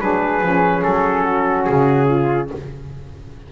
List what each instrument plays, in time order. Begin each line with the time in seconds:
0.00 double bass F#3, saxophone D4, flute G#4, trumpet B4
0.41 double bass F3, saxophone C#4
0.83 double bass F#3, trumpet A4
1.23 flute F#4
1.65 double bass C#3, trumpet G#4
2.06 flute F4